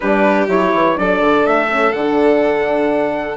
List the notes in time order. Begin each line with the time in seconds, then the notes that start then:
0.00 G3 D4 G4 B4
0.48 F#3 E4 C#5
0.73 E3
0.95 F#3 D4 A4 D5
1.20 D3
1.46 A3 E5
1.69 C#4
1.92 D3 D4 F#5